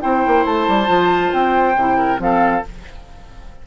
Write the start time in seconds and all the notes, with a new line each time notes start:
0.00 C4 E4 C5 G5
0.27 A#3
0.45 A3 A5
0.68 G3
0.86 F3 F4
1.33 C4 G5
1.76 C3 E4
1.98 A#4
2.18 F3 C4 A4 F5